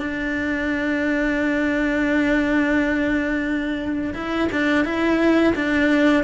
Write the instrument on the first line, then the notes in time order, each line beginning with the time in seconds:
cello
0.00 D4
4.14 E4
4.52 D4
4.85 E4
5.55 D4